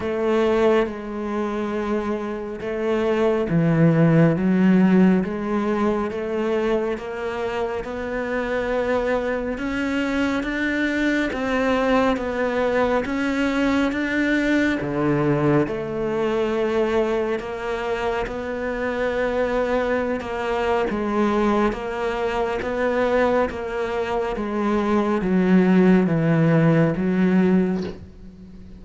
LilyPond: \new Staff \with { instrumentName = "cello" } { \time 4/4 \tempo 4 = 69 a4 gis2 a4 | e4 fis4 gis4 a4 | ais4 b2 cis'4 | d'4 c'4 b4 cis'4 |
d'4 d4 a2 | ais4 b2~ b16 ais8. | gis4 ais4 b4 ais4 | gis4 fis4 e4 fis4 | }